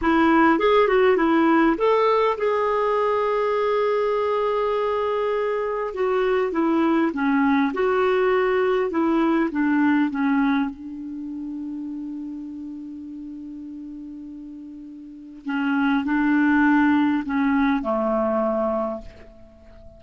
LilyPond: \new Staff \with { instrumentName = "clarinet" } { \time 4/4 \tempo 4 = 101 e'4 gis'8 fis'8 e'4 a'4 | gis'1~ | gis'2 fis'4 e'4 | cis'4 fis'2 e'4 |
d'4 cis'4 d'2~ | d'1~ | d'2 cis'4 d'4~ | d'4 cis'4 a2 | }